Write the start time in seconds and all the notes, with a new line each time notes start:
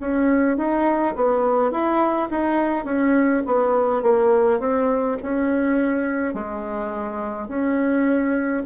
0.00 C#4
0.57 D#4
1.16 B3
1.72 E4
2.31 D#4
2.85 C#4
3.46 B3
4.02 A#3
4.59 C4
5.22 C#4
6.34 G#3
7.48 C#4